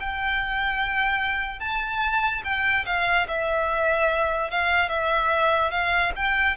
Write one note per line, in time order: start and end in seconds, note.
0.00 1.60 G5
1.60 2.42 A5
2.45 2.86 G5
2.86 3.27 F5
3.28 4.51 E5
4.51 4.89 F5
4.89 5.71 E5
5.71 6.12 F5
6.16 6.57 G5